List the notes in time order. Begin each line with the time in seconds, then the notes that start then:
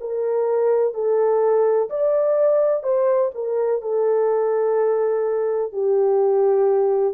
0.00 A#4
0.94 A4
1.89 D5
2.83 C5
3.34 A#4
3.81 A4
5.72 G4